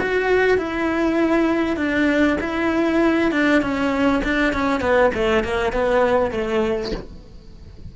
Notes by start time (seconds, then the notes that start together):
0.00 F#4
0.58 E4
1.77 D4
2.41 E4
3.32 D4
3.62 C#4
4.24 D4
4.53 C#4
4.81 B3
5.15 A3
5.44 A#3
5.73 B3
6.32 A3